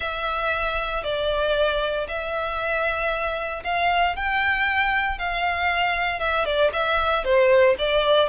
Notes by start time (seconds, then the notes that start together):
0.00 E5
1.03 D5
2.08 E5
3.64 F5
4.16 G5
5.18 F5
6.19 E5
6.45 D5
6.72 E5
7.24 C5
7.78 D5